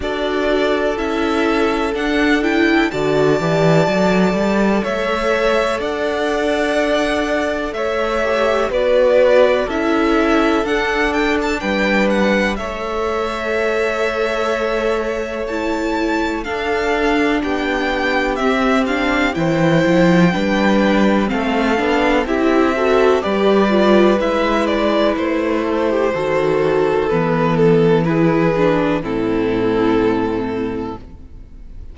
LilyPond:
<<
  \new Staff \with { instrumentName = "violin" } { \time 4/4 \tempo 4 = 62 d''4 e''4 fis''8 g''8 a''4~ | a''4 e''4 fis''2 | e''4 d''4 e''4 fis''8 g''16 a''16 | g''8 fis''8 e''2. |
a''4 f''4 g''4 e''8 f''8 | g''2 f''4 e''4 | d''4 e''8 d''8 c''2 | b'8 a'8 b'4 a'2 | }
  \new Staff \with { instrumentName = "violin" } { \time 4/4 a'2. d''4~ | d''4 cis''4 d''2 | cis''4 b'4 a'2 | b'4 cis''2.~ |
cis''4 a'4 g'2 | c''4 b'4 a'4 g'8 a'8 | b'2~ b'8 a'16 g'16 a'4~ | a'4 gis'4 e'2 | }
  \new Staff \with { instrumentName = "viola" } { \time 4/4 fis'4 e'4 d'8 e'8 fis'8 g'8 | a'1~ | a'8 g'8 fis'4 e'4 d'4~ | d'4 a'2. |
e'4 d'2 c'8 d'8 | e'4 d'4 c'8 d'8 e'8 fis'8 | g'8 f'8 e'2 fis'4 | b4 e'8 d'8 c'2 | }
  \new Staff \with { instrumentName = "cello" } { \time 4/4 d'4 cis'4 d'4 d8 e8 | fis8 g8 a4 d'2 | a4 b4 cis'4 d'4 | g4 a2.~ |
a4 d'4 b4 c'4 | e8 f8 g4 a8 b8 c'4 | g4 gis4 a4 dis4 | e2 a,2 | }
>>